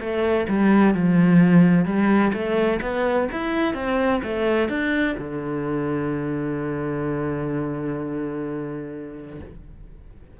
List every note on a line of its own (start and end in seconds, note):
0.00 0.47 A3
0.49 0.94 G3
0.94 1.85 F3
1.85 2.32 G3
2.33 2.80 A3
2.82 3.29 B3
3.32 3.74 E4
3.74 4.21 C4
4.23 4.69 A3
4.69 5.16 D4
5.18 9.40 D3